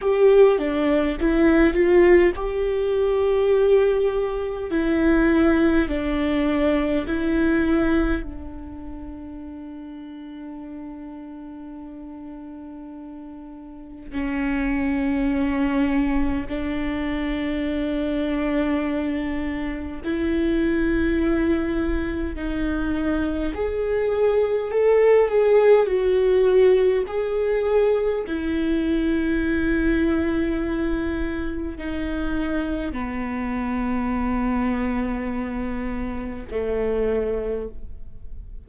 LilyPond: \new Staff \with { instrumentName = "viola" } { \time 4/4 \tempo 4 = 51 g'8 d'8 e'8 f'8 g'2 | e'4 d'4 e'4 d'4~ | d'1 | cis'2 d'2~ |
d'4 e'2 dis'4 | gis'4 a'8 gis'8 fis'4 gis'4 | e'2. dis'4 | b2. a4 | }